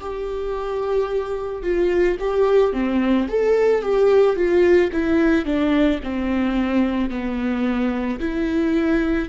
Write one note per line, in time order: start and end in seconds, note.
0.00 1.63 G4
1.63 2.17 F4
2.20 2.73 G4
2.73 3.27 C4
3.28 3.82 A4
3.82 4.36 G4
4.36 4.90 F4
4.92 5.45 E4
5.45 6.00 D4
6.03 7.10 C4
7.10 8.19 B3
8.20 9.29 E4